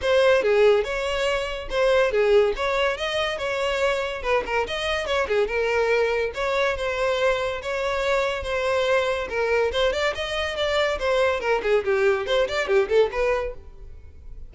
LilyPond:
\new Staff \with { instrumentName = "violin" } { \time 4/4 \tempo 4 = 142 c''4 gis'4 cis''2 | c''4 gis'4 cis''4 dis''4 | cis''2 b'8 ais'8 dis''4 | cis''8 gis'8 ais'2 cis''4 |
c''2 cis''2 | c''2 ais'4 c''8 d''8 | dis''4 d''4 c''4 ais'8 gis'8 | g'4 c''8 d''8 g'8 a'8 b'4 | }